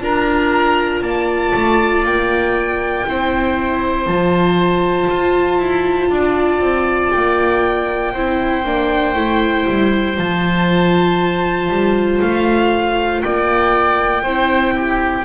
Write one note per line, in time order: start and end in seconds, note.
0.00 1.02 D4
0.00 3.05 F4
0.00 1.03 A#4
0.00 1.03 A#5
1.02 1.53 A#3
1.02 3.07 D5
1.02 2.05 A5
1.54 2.04 A3
2.04 3.06 A#3
2.04 4.08 G5
3.06 4.07 C4
3.06 4.08 E4
3.06 6.10 C5
4.07 5.09 F3
4.07 8.15 F4
4.07 7.11 A5
5.10 5.58 F4
5.58 6.09 E4
6.10 6.60 D4
6.10 8.13 D5
6.60 7.11 C4
7.11 8.15 A#3
7.11 10.16 G5
8.13 8.65 C4
8.13 8.65 E4
8.13 13.22 C5
8.65 9.15 A#3
8.65 9.15 D4
9.15 9.66 A3
9.15 10.17 E4
9.68 10.18 G3
10.17 11.69 F3
10.17 14.24 F4
10.17 12.21 A5
11.69 12.20 G3
12.21 13.23 A3
12.21 13.22 F5
13.22 14.23 A#3
13.22 14.23 D5
13.22 15.25 G5
14.23 15.25 C4
14.23 15.25 E4
14.23 14.74 C5
14.76 15.25 G4